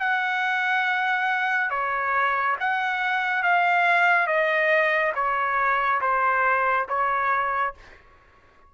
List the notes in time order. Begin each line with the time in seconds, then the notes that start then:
0.00 F#5
1.70 C#5
2.60 F#5
3.43 F5
4.27 D#5
5.15 C#5
6.01 C5
6.88 C#5